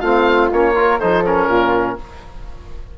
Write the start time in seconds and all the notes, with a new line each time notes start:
0.00 A3 C4 F4 F5
0.53 A#3 C#4 C#5
0.75 F4 A#4
0.99 F3 D#4 A4 C5
1.26 C#4 A#4
1.48 A#2 F4